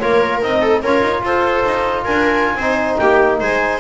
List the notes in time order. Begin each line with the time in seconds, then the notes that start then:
0.00 A#3 F4 A#4 C#5
0.43 C4 D#4 D#5
0.62 A4
0.83 C#4 F4 A#4 C#5
1.01 D#4
1.23 F4 A4 C5
1.65 D#4
2.05 D4 A#4 G#5
2.56 C4 D#4 C5
2.98 A#3 G4 G5
3.40 G#3 C5 G#5